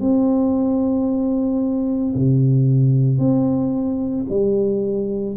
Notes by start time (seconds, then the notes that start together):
0.00 C4
2.15 C3
3.19 C4
4.30 G3